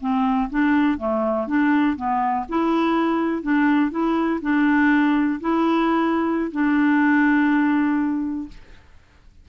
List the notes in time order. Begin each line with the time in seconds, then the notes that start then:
0.00 C4
0.50 D4
0.98 A3
1.47 D4
1.96 B3
2.48 E4
3.42 D4
3.91 E4
4.42 D4
5.40 E4
6.51 D4